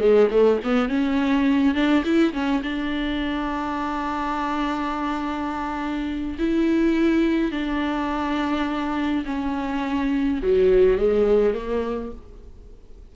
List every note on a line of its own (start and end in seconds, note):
0.00 0.29 G#3
0.31 0.60 A3
0.64 0.89 B3
0.89 1.75 C#4
1.75 2.03 D4
2.05 2.33 E4
2.33 2.62 C#4
2.63 6.38 D4
6.39 7.52 E4
7.52 9.25 D4
9.25 10.41 C#4
10.43 10.98 F#3
10.98 11.54 G#3
11.54 12.12 A#3